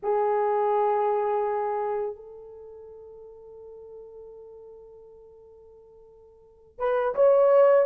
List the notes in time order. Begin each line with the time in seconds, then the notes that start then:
0.03 G#4
2.15 A4
6.78 B4
7.15 C#5